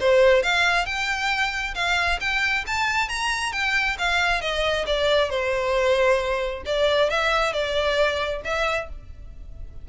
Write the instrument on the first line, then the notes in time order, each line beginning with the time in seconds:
violin
0.00 C5
0.43 F5
0.85 G5
1.75 F5
2.20 G5
2.67 A5
3.09 A#5
3.52 G5
3.98 F5
4.41 D#5
4.86 D5
5.30 C5
6.66 D5
7.10 E5
7.53 D5
8.44 E5